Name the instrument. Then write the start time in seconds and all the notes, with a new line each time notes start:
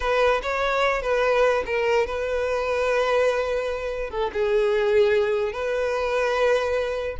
violin
0.00 B4
0.42 C#5
1.02 B4
1.66 A#4
2.06 B4
4.10 A4
4.33 G#4
5.52 B4